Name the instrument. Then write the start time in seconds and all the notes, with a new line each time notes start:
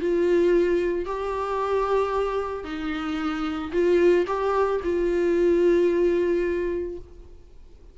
viola
0.00 F4
1.05 G4
2.64 D#4
3.72 F4
4.27 G4
4.84 F4